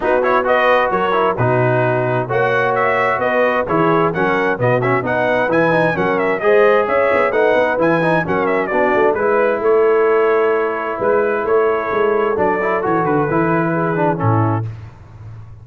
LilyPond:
<<
  \new Staff \with { instrumentName = "trumpet" } { \time 4/4 \tempo 4 = 131 b'8 cis''8 dis''4 cis''4 b'4~ | b'4 fis''4 e''4 dis''4 | cis''4 fis''4 dis''8 e''8 fis''4 | gis''4 fis''8 e''8 dis''4 e''4 |
fis''4 gis''4 fis''8 e''8 d''4 | b'4 cis''2. | b'4 cis''2 d''4 | cis''8 b'2~ b'8 a'4 | }
  \new Staff \with { instrumentName = "horn" } { \time 4/4 fis'4 b'4 ais'4 fis'4~ | fis'4 cis''2 b'4 | gis'4 ais'4 fis'4 b'4~ | b'4 ais'4 c''4 cis''4 |
b'2 ais'4 fis'4 | b'4 a'2. | b'4 a'2.~ | a'2 gis'4 e'4 | }
  \new Staff \with { instrumentName = "trombone" } { \time 4/4 dis'8 e'8 fis'4. e'8 dis'4~ | dis'4 fis'2. | e'4 cis'4 b8 cis'8 dis'4 | e'8 dis'8 cis'4 gis'2 |
dis'4 e'8 dis'8 cis'4 d'4 | e'1~ | e'2. d'8 e'8 | fis'4 e'4. d'8 cis'4 | }
  \new Staff \with { instrumentName = "tuba" } { \time 4/4 b2 fis4 b,4~ | b,4 ais2 b4 | e4 fis4 b,4 b4 | e4 fis4 gis4 cis'8 b8 |
a8 b8 e4 fis4 b8 a8 | gis4 a2. | gis4 a4 gis4 fis4 | e8 d8 e2 a,4 | }
>>